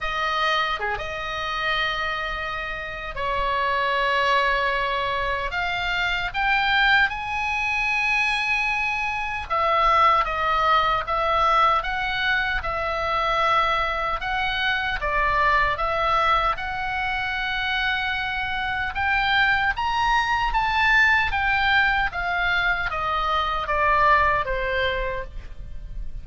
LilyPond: \new Staff \with { instrumentName = "oboe" } { \time 4/4 \tempo 4 = 76 dis''4 gis'16 dis''2~ dis''8. | cis''2. f''4 | g''4 gis''2. | e''4 dis''4 e''4 fis''4 |
e''2 fis''4 d''4 | e''4 fis''2. | g''4 ais''4 a''4 g''4 | f''4 dis''4 d''4 c''4 | }